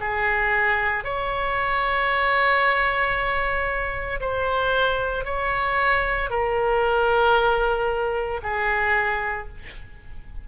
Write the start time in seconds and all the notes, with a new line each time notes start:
0.00 G#4
1.04 C#5
4.21 C5
5.25 C#5
6.30 A#4
8.43 G#4